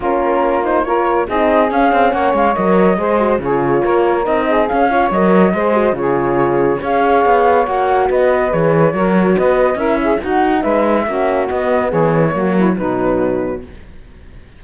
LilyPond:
<<
  \new Staff \with { instrumentName = "flute" } { \time 4/4 \tempo 4 = 141 ais'4. c''8 cis''4 dis''4 | f''4 fis''8 f''8 dis''2 | cis''2 dis''4 f''4 | dis''2 cis''2 |
f''2 fis''4 dis''4 | cis''2 dis''4 e''4 | fis''4 e''2 dis''4 | cis''2 b'2 | }
  \new Staff \with { instrumentName = "saxophone" } { \time 4/4 f'2 ais'4 gis'4~ | gis'4 cis''2 c''4 | gis'4 ais'4. gis'4 cis''8~ | cis''4 c''4 gis'2 |
cis''2. b'4~ | b'4 ais'4 b'4 ais'8 gis'8 | fis'4 b'4 fis'2 | gis'4 fis'8 e'8 dis'2 | }
  \new Staff \with { instrumentName = "horn" } { \time 4/4 cis'4. dis'8 f'4 dis'4 | cis'2 ais'4 gis'8 fis'8 | f'2 dis'4 cis'8 f'8 | ais'4 gis'8 fis'8 f'2 |
gis'2 fis'2 | gis'4 fis'2 e'4 | dis'2 cis'4 b4~ | b4 ais4 fis2 | }
  \new Staff \with { instrumentName = "cello" } { \time 4/4 ais2. c'4 | cis'8 c'8 ais8 gis8 fis4 gis4 | cis4 ais4 c'4 cis'4 | fis4 gis4 cis2 |
cis'4 b4 ais4 b4 | e4 fis4 b4 cis'4 | dis'4 gis4 ais4 b4 | e4 fis4 b,2 | }
>>